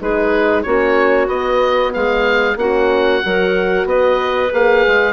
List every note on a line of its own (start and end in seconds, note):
0.00 0.65 G#3
0.00 0.64 D#4
0.00 0.65 G#4
0.00 0.62 B4
0.62 1.26 A#3
0.62 1.27 C#4
0.62 1.94 F#4
0.62 1.26 C#5
1.26 1.91 B3
1.26 2.56 B3
1.26 1.93 D#5
1.93 2.56 G#3
1.93 2.58 G#4
1.93 2.58 F5
2.56 3.20 A#3
2.56 3.21 C#4
2.56 3.23 F#4
2.56 3.87 F#5
3.21 3.85 F#3
3.21 4.50 F#4
3.21 3.87 A#4
3.85 4.49 B3
3.85 5.13 B4
3.85 4.52 D#5
4.51 4.85 A#3
4.51 5.13 G#4
4.51 5.13 F5
4.87 5.13 G#3